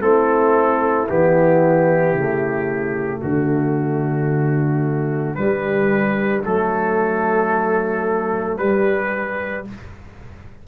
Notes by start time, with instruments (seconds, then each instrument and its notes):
0.00 tuba A3, trombone C4, horn E4, trumpet A4
1.08 tuba E3, trombone B3, trumpet G4
2.13 tuba C#3, trombone A3
3.21 tuba D3, horn D4, trumpet F#4
5.35 trombone G3, tuba G3, trumpet B4
6.45 tuba F#3, trombone A3, trumpet A4
8.57 tuba G3, trombone G3, trumpet B4